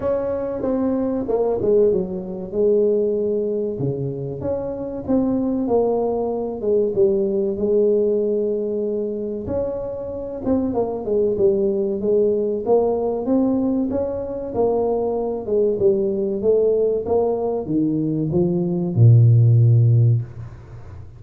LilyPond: \new Staff \with { instrumentName = "tuba" } { \time 4/4 \tempo 4 = 95 cis'4 c'4 ais8 gis8 fis4 | gis2 cis4 cis'4 | c'4 ais4. gis8 g4 | gis2. cis'4~ |
cis'8 c'8 ais8 gis8 g4 gis4 | ais4 c'4 cis'4 ais4~ | ais8 gis8 g4 a4 ais4 | dis4 f4 ais,2 | }